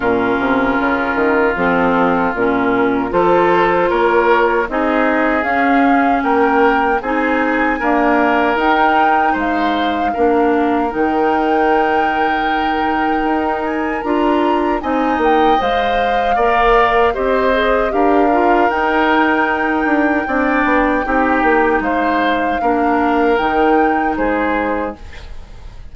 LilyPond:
<<
  \new Staff \with { instrumentName = "flute" } { \time 4/4 \tempo 4 = 77 ais'2 a'4 ais'4 | c''4 cis''4 dis''4 f''4 | g''4 gis''2 g''4 | f''2 g''2~ |
g''4. gis''8 ais''4 gis''8 g''8 | f''2 dis''4 f''4 | g''1 | f''2 g''4 c''4 | }
  \new Staff \with { instrumentName = "oboe" } { \time 4/4 f'1 | a'4 ais'4 gis'2 | ais'4 gis'4 ais'2 | c''4 ais'2.~ |
ais'2. dis''4~ | dis''4 d''4 c''4 ais'4~ | ais'2 d''4 g'4 | c''4 ais'2 gis'4 | }
  \new Staff \with { instrumentName = "clarinet" } { \time 4/4 cis'2 c'4 cis'4 | f'2 dis'4 cis'4~ | cis'4 dis'4 ais4 dis'4~ | dis'4 d'4 dis'2~ |
dis'2 f'4 dis'4 | c''4 ais'4 g'8 gis'8 g'8 f'8 | dis'2 d'4 dis'4~ | dis'4 d'4 dis'2 | }
  \new Staff \with { instrumentName = "bassoon" } { \time 4/4 ais,8 c8 cis8 dis8 f4 ais,4 | f4 ais4 c'4 cis'4 | ais4 c'4 d'4 dis'4 | gis4 ais4 dis2~ |
dis4 dis'4 d'4 c'8 ais8 | gis4 ais4 c'4 d'4 | dis'4. d'8 c'8 b8 c'8 ais8 | gis4 ais4 dis4 gis4 | }
>>